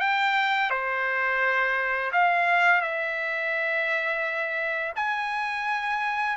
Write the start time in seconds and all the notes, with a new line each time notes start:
0.00 G5
0.71 C5
2.12 F5
2.81 E5
4.96 G#5